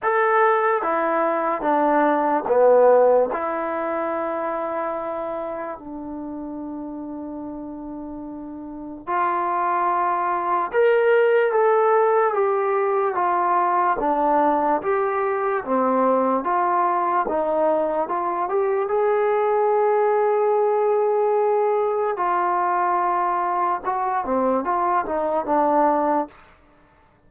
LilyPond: \new Staff \with { instrumentName = "trombone" } { \time 4/4 \tempo 4 = 73 a'4 e'4 d'4 b4 | e'2. d'4~ | d'2. f'4~ | f'4 ais'4 a'4 g'4 |
f'4 d'4 g'4 c'4 | f'4 dis'4 f'8 g'8 gis'4~ | gis'2. f'4~ | f'4 fis'8 c'8 f'8 dis'8 d'4 | }